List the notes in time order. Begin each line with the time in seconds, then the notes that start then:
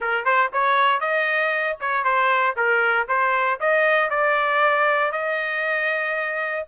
0.00 A#4
0.24 C5
0.52 C#5
1.00 D#5
1.80 C#5
2.04 C5
2.56 A#4
3.08 C5
3.59 D#5
4.09 D5
5.12 D#5